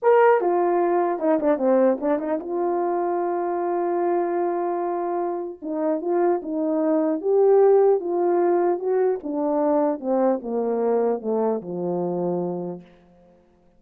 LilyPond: \new Staff \with { instrumentName = "horn" } { \time 4/4 \tempo 4 = 150 ais'4 f'2 dis'8 d'8 | c'4 d'8 dis'8 f'2~ | f'1~ | f'2 dis'4 f'4 |
dis'2 g'2 | f'2 fis'4 d'4~ | d'4 c'4 ais2 | a4 f2. | }